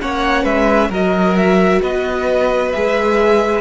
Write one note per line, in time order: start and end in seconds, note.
0.00 0.44 A#3
0.00 0.91 C#4
0.00 0.43 C#5
0.00 0.45 F#5
0.43 0.89 G#3
0.43 0.88 B4
0.43 0.91 E5
0.89 1.80 F#3
0.89 2.74 F#4
0.89 1.80 A#4
0.89 1.36 D#5
1.36 1.82 E5
1.82 2.73 B3
1.82 3.61 B4
1.82 2.72 D#5
2.72 3.61 G#3
2.72 3.61 G#4
2.72 3.61 E5